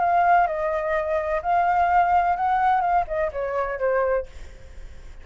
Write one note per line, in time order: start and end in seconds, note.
0.00 0.47 F5
0.47 1.42 D#5
1.42 2.36 F5
2.36 2.81 F#5
2.81 3.05 F5
3.07 3.31 D#5
3.32 3.79 C#5
3.79 4.26 C5